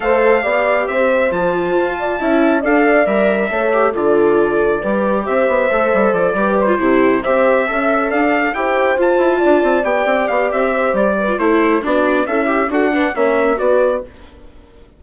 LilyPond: <<
  \new Staff \with { instrumentName = "trumpet" } { \time 4/4 \tempo 4 = 137 f''2 e''4 a''4~ | a''2 f''4 e''4~ | e''4 d''2. | e''2 d''4 c''4~ |
c''8 e''2 f''4 g''8~ | g''8 a''2 g''4 f''8 | e''4 d''4 c''4 d''4 | e''4 fis''4 e''4 d''4 | }
  \new Staff \with { instrumentName = "horn" } { \time 4/4 c''4 d''4 c''2~ | c''8 d''8 e''4 d''2 | cis''4 a'2 b'4 | c''2~ c''8 b'4 g'8~ |
g'8 c''4 e''4 d''4 c''8~ | c''4. d''2~ d''8~ | d''8 c''4 b'8 a'4 fis'4 | e'4 a'8 b'8 cis''4 b'4 | }
  \new Staff \with { instrumentName = "viola" } { \time 4/4 a'4 g'2 f'4~ | f'4 e'4 a'4 ais'4 | a'8 g'8 f'2 g'4~ | g'4 a'4. g'8. f'16 e'8~ |
e'8 g'4 a'2 g'8~ | g'8 f'2 g'4.~ | g'4.~ g'16 f'16 e'4 d'4 | a'8 g'8 fis'8 d'8 cis'4 fis'4 | }
  \new Staff \with { instrumentName = "bassoon" } { \time 4/4 a4 b4 c'4 f4 | f'4 cis'4 d'4 g4 | a4 d2 g4 | c'8 b8 a8 g8 f8 g4 c8~ |
c8 c'4 cis'4 d'4 e'8~ | e'8 f'8 e'8 d'8 c'8 b8 c'8 b8 | c'4 g4 a4 b4 | cis'4 d'4 ais4 b4 | }
>>